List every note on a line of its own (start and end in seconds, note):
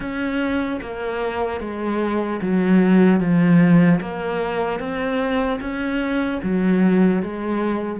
0.00 0.80 C#4
0.81 1.60 A#3
1.60 2.40 G#3
2.41 3.20 F#3
3.20 4.00 F3
4.00 4.79 A#3
4.79 5.59 C4
5.60 6.40 C#4
6.42 7.22 F#3
7.22 7.99 G#3